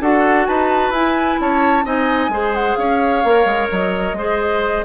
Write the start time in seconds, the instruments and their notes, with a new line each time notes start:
0.00 bassoon D4, clarinet F#4, oboe A4, flute F#5
0.46 bassoon D#4, oboe B4, flute A5
0.90 bassoon E4, clarinet E4, flute G#5
1.40 bassoon C#4, oboe C#5, flute A5
1.84 bassoon C4, clarinet D#4, oboe D#5, flute G#5
2.28 bassoon G#3, clarinet G#4, oboe C5
2.54 flute F#5
2.75 bassoon C#4, oboe C#5, flute F5
3.24 bassoon A#3, clarinet A#4
3.45 bassoon G#3
3.71 bassoon F#3, flute D#5
4.13 bassoon G#3, clarinet G#4, oboe C5